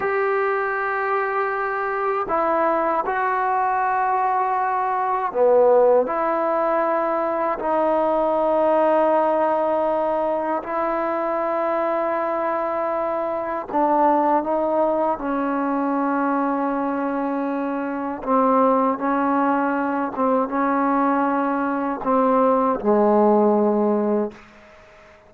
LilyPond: \new Staff \with { instrumentName = "trombone" } { \time 4/4 \tempo 4 = 79 g'2. e'4 | fis'2. b4 | e'2 dis'2~ | dis'2 e'2~ |
e'2 d'4 dis'4 | cis'1 | c'4 cis'4. c'8 cis'4~ | cis'4 c'4 gis2 | }